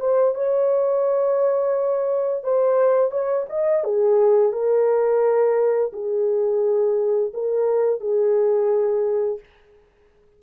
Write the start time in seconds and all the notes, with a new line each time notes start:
0.00 C5
0.35 C#5
2.44 C5
3.11 C#5
3.49 D#5
3.84 G#4
4.53 A#4
5.93 G#4
7.34 A#4
8.00 G#4